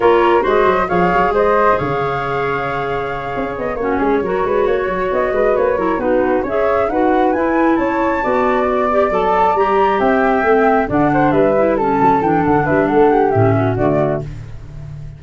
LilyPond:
<<
  \new Staff \with { instrumentName = "flute" } { \time 4/4 \tempo 4 = 135 cis''4 dis''4 f''4 dis''4 | f''1 | dis''8 cis''2. dis''8~ | dis''8 cis''4 b'4 e''4 fis''8~ |
fis''8 gis''4 a''2 d''8~ | d''8 a''4 ais''4 g''4.~ | g''8 fis''4 e''4 a''4 g''8 | fis''8 e''8 fis''4 e''4 d''4 | }
  \new Staff \with { instrumentName = "flute" } { \time 4/4 ais'4 c''4 cis''4 c''4 | cis''1~ | cis''8 fis'8 gis'8 ais'8 b'8 cis''4. | b'4 ais'8 fis'4 cis''4 b'8~ |
b'4. cis''4 d''4.~ | d''2~ d''8 e''4.~ | e''8 d''8 c''8 b'4 a'4.~ | a'8 b'8 a'8 g'4 fis'4. | }
  \new Staff \with { instrumentName = "clarinet" } { \time 4/4 f'4 fis'4 gis'2~ | gis'1~ | gis'8 cis'4 fis'2~ fis'8~ | fis'4 e'8 dis'4 gis'4 fis'8~ |
fis'8 e'2 fis'4. | g'8 a'4 g'2 c'8~ | c'8 d'4. e'8 cis'4 d'8~ | d'2 cis'4 a4 | }
  \new Staff \with { instrumentName = "tuba" } { \time 4/4 ais4 gis8 fis8 f8 fis8 gis4 | cis2.~ cis8 cis'8 | b8 ais8 gis8 fis8 gis8 ais8 fis8 b8 | gis8 ais8 fis8 b4 cis'4 dis'8~ |
dis'8 e'4 cis'4 b4.~ | b8 fis4 g4 c'4 a8~ | a8 d4 g4. fis8 e8 | d8 g8 a4 a,4 d4 | }
>>